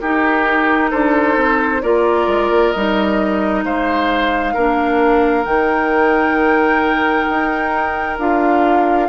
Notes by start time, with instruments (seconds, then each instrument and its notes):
0.00 bassoon D#4, clarinet D#4, oboe G4, flute A#4
0.91 bassoon D4, oboe A4, flute C5
1.37 bassoon C4
1.82 bassoon A#3, clarinet F4, oboe A#4, flute D5
2.27 bassoon G#3
2.50 bassoon A#3
2.72 bassoon G3, clarinet D#4, flute D#5
3.64 bassoon G#3, oboe C5, flute F5
4.54 bassoon A#3, clarinet D4, oboe A#4
5.45 bassoon D#3, clarinet D#4, flute G5
7.30 bassoon D#4
8.19 bassoon D4, clarinet F4, flute F5